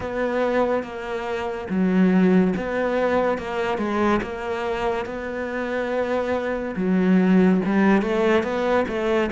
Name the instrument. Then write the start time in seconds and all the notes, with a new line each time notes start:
cello
0.00 B3
0.83 A#3
1.69 F#3
2.56 B3
3.38 A#3
3.78 G#3
4.22 A#3
5.05 B3
6.76 F#3
7.65 G3
8.01 A3
8.43 B3
8.87 A3